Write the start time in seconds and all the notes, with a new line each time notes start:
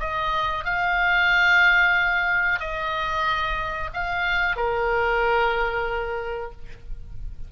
0.00 D#5
0.65 F5
2.60 D#5
3.94 F5
4.56 A#4